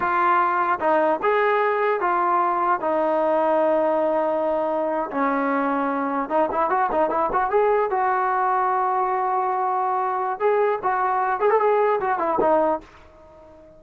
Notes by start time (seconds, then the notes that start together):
0.00 F4
0.79 D#4
1.22 G#4
2.00 F4
2.80 D#4
5.11 C#4
6.29 D#4
6.51 E4
6.70 F#4
6.91 D#4
7.10 E4
7.32 F#4
7.50 G#4
7.90 F#4
10.39 G#4
10.82 F#4
11.40 G#4
11.49 A4
11.60 G#4
12.00 F#4
12.19 E4
12.40 D#4